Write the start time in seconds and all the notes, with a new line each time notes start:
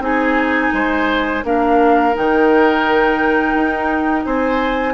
0.00 C4 D#4 G#4 G#5
0.73 G#3 C5
1.44 A#3 D4 A#4 F5
2.14 D#3 D#4 G5
3.54 D#4
4.25 C4 C5 G#5